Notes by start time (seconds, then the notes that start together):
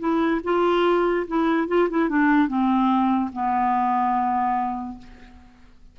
0.00 E4
0.44 F4
1.28 E4
1.68 F4
1.90 E4
2.10 D4
2.48 C4
3.33 B3